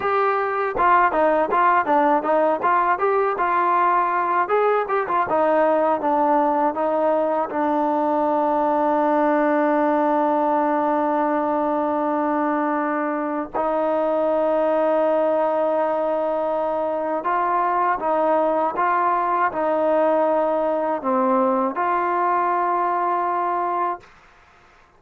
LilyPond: \new Staff \with { instrumentName = "trombone" } { \time 4/4 \tempo 4 = 80 g'4 f'8 dis'8 f'8 d'8 dis'8 f'8 | g'8 f'4. gis'8 g'16 f'16 dis'4 | d'4 dis'4 d'2~ | d'1~ |
d'2 dis'2~ | dis'2. f'4 | dis'4 f'4 dis'2 | c'4 f'2. | }